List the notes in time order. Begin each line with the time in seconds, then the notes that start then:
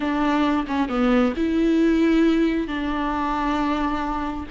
0.00 D4
0.67 C#4
0.88 B3
1.36 E4
2.67 D4